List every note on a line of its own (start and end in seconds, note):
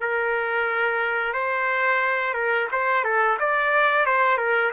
0.00 1.33 A#4
1.33 2.34 C5
2.34 2.67 A#4
2.71 3.04 C5
3.04 3.37 A4
3.39 4.06 D5
4.06 4.37 C5
4.37 4.71 A#4